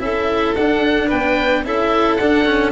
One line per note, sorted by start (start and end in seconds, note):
0.00 0.55 C#4
0.00 0.55 E4
0.00 1.08 A4
0.00 0.55 E5
0.55 1.12 D4
0.55 1.65 D4
0.55 1.10 F#5
1.08 1.65 B3
1.08 1.63 B4
1.08 1.65 G5
1.65 2.20 C#4
1.65 2.20 E4
1.65 2.72 A4
1.65 2.17 E5
2.17 2.72 D4
2.17 2.45 D4
2.17 2.71 F#5
2.45 2.72 C#4